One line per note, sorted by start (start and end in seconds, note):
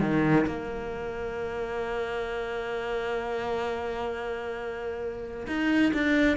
0.00 0.45 D#3
0.46 5.46 A#3
5.47 5.92 D#4
5.93 6.37 D4